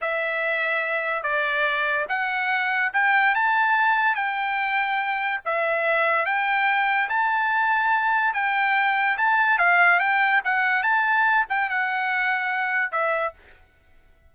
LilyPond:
\new Staff \with { instrumentName = "trumpet" } { \time 4/4 \tempo 4 = 144 e''2. d''4~ | d''4 fis''2 g''4 | a''2 g''2~ | g''4 e''2 g''4~ |
g''4 a''2. | g''2 a''4 f''4 | g''4 fis''4 a''4. g''8 | fis''2. e''4 | }